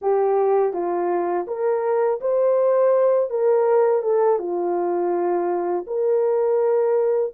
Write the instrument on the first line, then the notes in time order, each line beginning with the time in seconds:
horn
0.01 G4
0.73 F4
1.47 A#4
2.21 C5
3.30 A#4
4.02 A4
4.38 F4
5.87 A#4